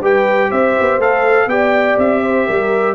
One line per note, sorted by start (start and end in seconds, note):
0.00 0.49 G3
0.00 1.00 G4
0.00 0.48 B4
0.00 0.51 G5
0.48 0.76 C4
0.48 1.47 C5
0.48 1.00 E5
0.80 0.98 B3
0.98 1.46 A3
0.98 1.49 A4
0.98 1.49 F5
1.46 1.96 B3
1.46 2.95 G4
1.46 2.22 D5
1.46 1.98 G5
1.98 2.47 C4
1.98 2.95 E5
2.22 2.46 C5
2.46 2.95 G3
2.46 2.95 A#4